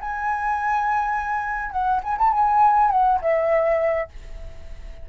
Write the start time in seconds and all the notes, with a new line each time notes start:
0.00 G#5
1.71 F#5
2.03 G#5
2.18 A5
2.32 G#5
2.90 F#5
3.21 E5